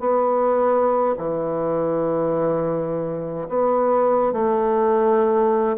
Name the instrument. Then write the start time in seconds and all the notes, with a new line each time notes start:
bassoon
0.00 B3
1.18 E3
3.49 B3
4.33 A3